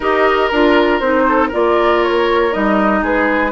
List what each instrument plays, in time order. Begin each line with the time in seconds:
0.00 bassoon D#4, clarinet G4, oboe A#4, flute D#5
0.48 bassoon D4, clarinet F4, flute A#4
0.99 bassoon C4, clarinet D#4, flute C5
1.28 oboe A4
1.48 bassoon A#3, clarinet F4, oboe A#4, flute D5
2.03 flute C#5
2.51 bassoon G3, clarinet D#4, flute D#5
3.02 bassoon G#3, oboe G#4, flute B4